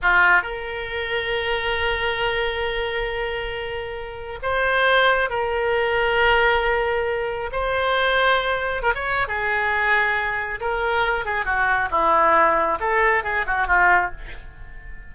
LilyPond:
\new Staff \with { instrumentName = "oboe" } { \time 4/4 \tempo 4 = 136 f'4 ais'2.~ | ais'1~ | ais'2 c''2 | ais'1~ |
ais'4 c''2. | ais'16 cis''8. gis'2. | ais'4. gis'8 fis'4 e'4~ | e'4 a'4 gis'8 fis'8 f'4 | }